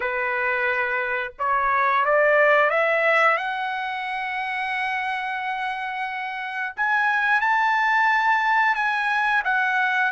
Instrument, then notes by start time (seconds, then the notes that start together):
trumpet
0.00 B4
1.38 C#5
2.05 D5
2.70 E5
3.37 F#5
6.76 G#5
7.41 A5
8.75 G#5
9.44 F#5